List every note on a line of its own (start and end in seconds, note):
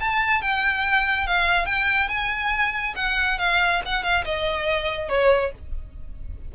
0.00 0.42 A5
0.42 1.27 G5
1.27 1.66 F5
1.66 2.08 G5
2.08 2.94 G#5
2.96 3.39 F#5
3.39 3.81 F5
3.86 4.03 F#5
4.03 4.24 F5
4.25 5.09 D#5
5.09 5.52 C#5